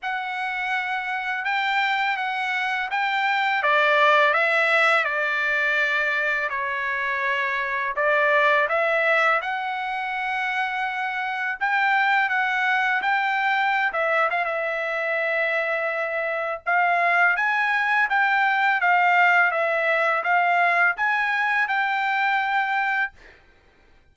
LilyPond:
\new Staff \with { instrumentName = "trumpet" } { \time 4/4 \tempo 4 = 83 fis''2 g''4 fis''4 | g''4 d''4 e''4 d''4~ | d''4 cis''2 d''4 | e''4 fis''2. |
g''4 fis''4 g''4~ g''16 e''8 f''16 | e''2. f''4 | gis''4 g''4 f''4 e''4 | f''4 gis''4 g''2 | }